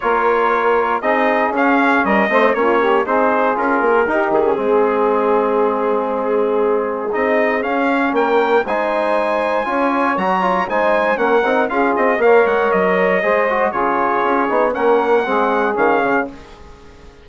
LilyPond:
<<
  \new Staff \with { instrumentName = "trumpet" } { \time 4/4 \tempo 4 = 118 cis''2 dis''4 f''4 | dis''4 cis''4 c''4 ais'4~ | ais'8 gis'2.~ gis'8~ | gis'2 dis''4 f''4 |
g''4 gis''2. | ais''4 gis''4 fis''4 f''8 dis''8 | f''8 fis''8 dis''2 cis''4~ | cis''4 fis''2 f''4 | }
  \new Staff \with { instrumentName = "saxophone" } { \time 4/4 ais'2 gis'2 | ais'8 c''8 f'8 g'8 gis'2 | g'4 gis'2.~ | gis'1 |
ais'4 c''2 cis''4~ | cis''4 c''4 ais'4 gis'4 | cis''2 c''4 gis'4~ | gis'4 ais'4 gis'2 | }
  \new Staff \with { instrumentName = "trombone" } { \time 4/4 f'2 dis'4 cis'4~ | cis'8 c'8 cis'4 dis'4 f'4 | dis'8. cis'16 c'2.~ | c'2 dis'4 cis'4~ |
cis'4 dis'2 f'4 | fis'8 f'8 dis'4 cis'8 dis'8 f'4 | ais'2 gis'8 fis'8 f'4~ | f'8 dis'8 cis'4 c'4 cis'4 | }
  \new Staff \with { instrumentName = "bassoon" } { \time 4/4 ais2 c'4 cis'4 | g8 a8 ais4 c'4 cis'8 ais8 | dis'8 dis8 gis2.~ | gis2 c'4 cis'4 |
ais4 gis2 cis'4 | fis4 gis4 ais8 c'8 cis'8 c'8 | ais8 gis8 fis4 gis4 cis4 | cis'8 b8 ais4 gis4 dis8 cis8 | }
>>